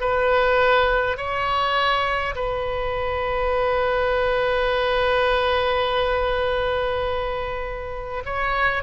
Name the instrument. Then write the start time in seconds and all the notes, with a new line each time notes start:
oboe
0.00 B4
1.17 C#5
2.35 B4
8.25 C#5